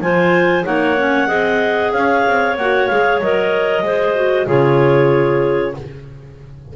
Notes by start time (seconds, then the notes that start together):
0.00 F3 F4 C5 G#5
0.63 A#3 D#4 C#5 F#5
0.97 C#4
1.27 C4 G#4 D#5
1.92 C#4 C#5 F5
2.26 C4
2.57 A#3 F#4 F#5
2.86 G#3 G#4 F5
3.20 F#3 A#4 D#5
3.82 G#3 G#4 C5
4.15 F#4
4.46 C#3 F4 G#4 C#5